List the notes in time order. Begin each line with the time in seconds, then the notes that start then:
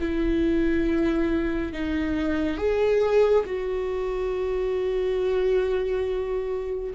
0.00 E4
1.72 D#4
2.57 G#4
3.45 F#4